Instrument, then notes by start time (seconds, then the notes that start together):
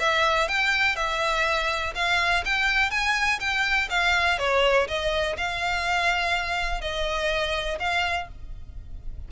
violin
0.00 E5
0.49 G5
0.96 E5
1.95 F5
2.45 G5
2.91 G#5
3.40 G5
3.90 F5
4.39 C#5
4.88 D#5
5.38 F5
6.81 D#5
7.80 F5